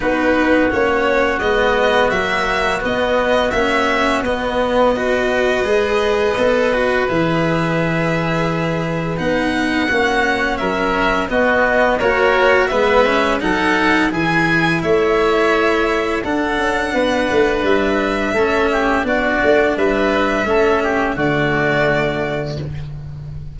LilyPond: <<
  \new Staff \with { instrumentName = "violin" } { \time 4/4 \tempo 4 = 85 b'4 cis''4 dis''4 e''4 | dis''4 e''4 dis''2~ | dis''2 e''2~ | e''4 fis''2 e''4 |
dis''4 cis''4 e''4 fis''4 | gis''4 e''2 fis''4~ | fis''4 e''2 d''4 | e''2 d''2 | }
  \new Staff \with { instrumentName = "oboe" } { \time 4/4 fis'1~ | fis'2. b'4~ | b'1~ | b'2 fis'4 ais'4 |
fis'4 ais'4 b'4 a'4 | gis'4 cis''2 a'4 | b'2 a'8 g'8 fis'4 | b'4 a'8 g'8 fis'2 | }
  \new Staff \with { instrumentName = "cello" } { \time 4/4 dis'4 cis'4 b4 ais4 | b4 cis'4 b4 fis'4 | gis'4 a'8 fis'8 gis'2~ | gis'4 dis'4 cis'2 |
b4 fis'4 b8 cis'8 dis'4 | e'2. d'4~ | d'2 cis'4 d'4~ | d'4 cis'4 a2 | }
  \new Staff \with { instrumentName = "tuba" } { \time 4/4 b4 ais4 gis4 fis4 | b4 ais4 b2 | gis4 b4 e2~ | e4 b4 ais4 fis4 |
b4 ais4 gis4 fis4 | e4 a2 d'8 cis'8 | b8 a8 g4 a4 b8 a8 | g4 a4 d2 | }
>>